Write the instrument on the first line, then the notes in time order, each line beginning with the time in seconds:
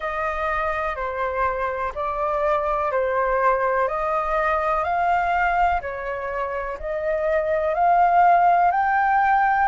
flute
0.00 D#5
0.95 C5
1.94 D5
2.91 C5
3.88 D#5
4.84 F5
5.81 C#5
6.79 D#5
7.74 F5
8.71 G5